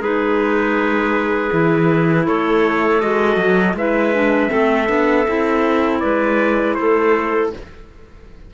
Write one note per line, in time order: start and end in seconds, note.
0.00 1.50 G#3
0.00 1.51 D#4
0.00 2.25 G#4
0.00 2.27 B4
1.51 2.28 E3
1.51 3.01 E4
2.26 3.03 A3
2.26 3.76 A4
2.26 3.01 C#5
3.01 3.36 G#3
3.01 3.76 F#4
3.01 3.76 D#5
3.36 3.74 F#3
3.74 4.49 G#3
3.74 4.15 E4
3.74 4.51 B4
3.74 6.00 E5
4.15 4.49 D4
4.49 4.89 A3
4.49 4.86 C4
4.49 6.01 A4
4.87 5.27 B3
4.87 5.25 D4
5.27 6.03 C4
5.27 7.52 E4
6.00 6.78 G#3
6.00 6.76 B4
6.00 6.75 D5
6.75 7.53 A3
6.75 7.54 A4
6.75 7.50 C5